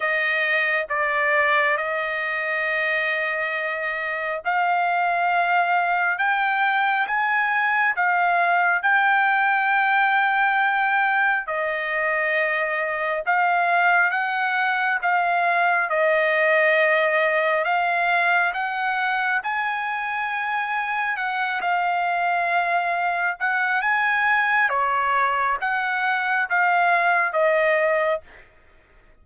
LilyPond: \new Staff \with { instrumentName = "trumpet" } { \time 4/4 \tempo 4 = 68 dis''4 d''4 dis''2~ | dis''4 f''2 g''4 | gis''4 f''4 g''2~ | g''4 dis''2 f''4 |
fis''4 f''4 dis''2 | f''4 fis''4 gis''2 | fis''8 f''2 fis''8 gis''4 | cis''4 fis''4 f''4 dis''4 | }